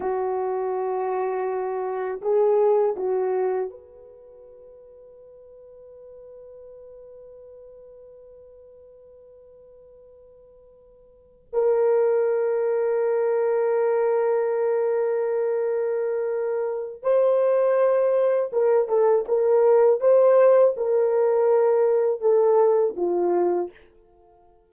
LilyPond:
\new Staff \with { instrumentName = "horn" } { \time 4/4 \tempo 4 = 81 fis'2. gis'4 | fis'4 b'2.~ | b'1~ | b'2.~ b'8 ais'8~ |
ais'1~ | ais'2. c''4~ | c''4 ais'8 a'8 ais'4 c''4 | ais'2 a'4 f'4 | }